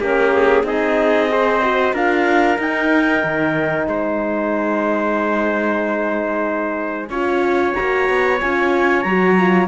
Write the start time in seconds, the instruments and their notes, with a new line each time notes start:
0.00 cello A#3, horn C#4, trumpet G4, clarinet A#4
0.34 clarinet G#4
0.64 cello C4, horn D#4, trumpet G#4, clarinet D#5
1.29 horn G#4, trumpet C5
1.63 horn F#4
1.93 cello D4, horn F4, trumpet A#4, clarinet F5
2.57 horn D#4, cello D#4, clarinet G5
3.24 cello D#3
3.87 cello G#3, trumpet C5, clarinet G#5
7.10 cello C#4, horn F4, trumpet C#5
7.75 cello A#3, horn F#4, clarinet A#5
8.09 cello B3
8.40 cello C#4, horn F4, clarinet G#5
9.02 cello F#3, horn F#4, clarinet A#5
9.38 horn F4